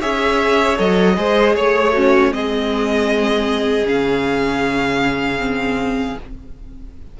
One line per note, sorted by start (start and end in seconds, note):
0.00 0.79 C#4
0.00 0.76 G#4
0.00 1.15 C#5
0.00 0.78 E5
0.76 1.17 F#3
0.76 1.14 A4
0.76 1.55 D#5
1.16 1.55 G#3
1.16 1.92 G#4
1.16 1.55 C5
1.55 2.31 A3
1.55 1.93 C#5
1.55 2.33 C#5
1.92 2.34 C#4
1.92 2.30 F#4
2.30 3.83 G#3
2.30 3.84 C4
2.30 6.20 G#4
2.30 3.87 D#5
3.83 6.13 C#3
3.83 5.38 C#4
3.83 6.18 F5
5.38 6.15 C4